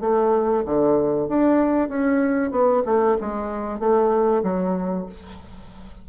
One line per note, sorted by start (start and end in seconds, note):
0.00 0.63 A3
0.65 1.28 D3
1.28 1.89 D4
1.89 2.51 C#4
2.51 2.83 B3
2.85 3.17 A3
3.20 3.79 G#3
3.79 4.42 A3
4.43 5.06 F#3